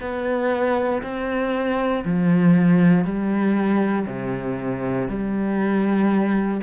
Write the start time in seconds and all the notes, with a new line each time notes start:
0.00 B3
1.02 C4
2.05 F3
3.05 G3
4.07 C3
5.08 G3